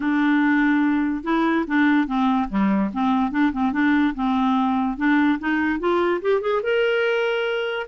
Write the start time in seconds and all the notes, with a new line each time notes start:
0.00 D4
1.23 E4
1.67 D4
2.07 C4
2.49 G3
2.93 C4
3.31 D4
3.52 C4
3.72 D4
4.14 C4
4.97 D4
5.39 D#4
5.79 F4
6.21 G4
6.41 G#4
6.62 A#4